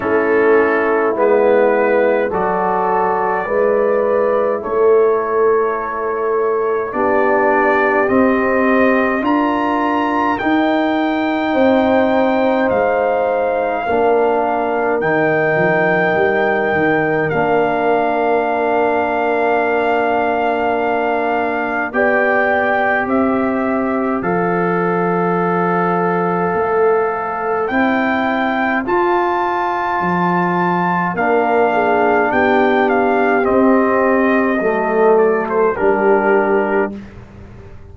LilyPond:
<<
  \new Staff \with { instrumentName = "trumpet" } { \time 4/4 \tempo 4 = 52 a'4 b'4 d''2 | cis''2 d''4 dis''4 | ais''4 g''2 f''4~ | f''4 g''2 f''4~ |
f''2. g''4 | e''4 f''2. | g''4 a''2 f''4 | g''8 f''8 dis''4. d''16 c''16 ais'4 | }
  \new Staff \with { instrumentName = "horn" } { \time 4/4 e'2 a'4 b'4 | a'2 g'2 | ais'2 c''2 | ais'1~ |
ais'2. d''4 | c''1~ | c''2. ais'8 gis'8 | g'2 a'4 g'4 | }
  \new Staff \with { instrumentName = "trombone" } { \time 4/4 cis'4 b4 fis'4 e'4~ | e'2 d'4 c'4 | f'4 dis'2. | d'4 dis'2 d'4~ |
d'2. g'4~ | g'4 a'2. | e'4 f'2 d'4~ | d'4 c'4 a4 d'4 | }
  \new Staff \with { instrumentName = "tuba" } { \time 4/4 a4 gis4 fis4 gis4 | a2 b4 c'4 | d'4 dis'4 c'4 gis4 | ais4 dis8 f8 g8 dis8 ais4~ |
ais2. b4 | c'4 f2 a4 | c'4 f'4 f4 ais4 | b4 c'4 fis4 g4 | }
>>